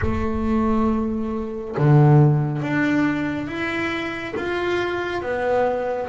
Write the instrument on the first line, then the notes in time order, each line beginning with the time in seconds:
double bass
0.01 A3
1.77 D3
2.62 D4
3.47 E4
4.36 F4
5.21 B3